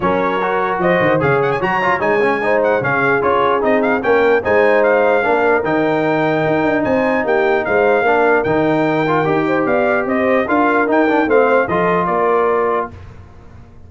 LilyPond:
<<
  \new Staff \with { instrumentName = "trumpet" } { \time 4/4 \tempo 4 = 149 cis''2 dis''4 f''8 fis''16 gis''16 | ais''4 gis''4. fis''8 f''4 | cis''4 dis''8 f''8 g''4 gis''4 | f''2 g''2~ |
g''4 gis''4 g''4 f''4~ | f''4 g''2. | f''4 dis''4 f''4 g''4 | f''4 dis''4 d''2 | }
  \new Staff \with { instrumentName = "horn" } { \time 4/4 ais'2 c''4 cis''4~ | cis''2 c''4 gis'4~ | gis'2 ais'4 c''4~ | c''4 ais'2.~ |
ais'4 c''4 g'4 c''4 | ais'2.~ ais'8 c''8 | d''4 c''4 ais'2 | c''4 a'4 ais'2 | }
  \new Staff \with { instrumentName = "trombone" } { \time 4/4 cis'4 fis'2 gis'4 | fis'8 f'8 dis'8 cis'8 dis'4 cis'4 | f'4 dis'4 cis'4 dis'4~ | dis'4 d'4 dis'2~ |
dis'1 | d'4 dis'4. f'8 g'4~ | g'2 f'4 dis'8 d'8 | c'4 f'2. | }
  \new Staff \with { instrumentName = "tuba" } { \time 4/4 fis2 f8 dis8 cis4 | fis4 gis2 cis4 | cis'4 c'4 ais4 gis4~ | gis4 ais4 dis2 |
dis'8 d'8 c'4 ais4 gis4 | ais4 dis2 dis'4 | b4 c'4 d'4 dis'4 | a4 f4 ais2 | }
>>